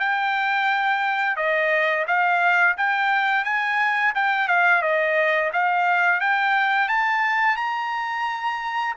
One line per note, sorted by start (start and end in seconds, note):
0.00 1.37 G5
1.37 2.06 D#5
2.08 2.77 F5
2.77 3.45 G5
3.45 4.14 G#5
4.15 4.49 G5
4.49 4.82 F5
4.82 5.51 D#5
5.53 6.21 F5
6.21 6.89 G5
6.89 7.57 A5
7.57 8.95 A#5